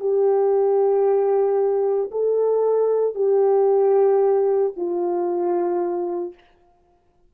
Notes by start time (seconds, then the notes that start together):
0.00 G4
2.11 A4
3.15 G4
4.77 F4